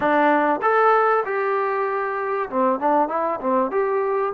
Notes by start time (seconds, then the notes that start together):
0.00 D4
0.62 A4
1.25 G4
2.49 C4
2.79 D4
3.08 E4
3.40 C4
3.71 G4